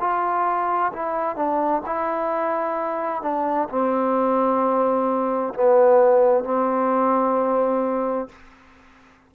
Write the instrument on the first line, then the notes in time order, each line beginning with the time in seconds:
trombone
0.00 F4
0.93 E4
1.36 D4
1.86 E4
3.22 D4
3.69 C4
5.54 B3
6.44 C4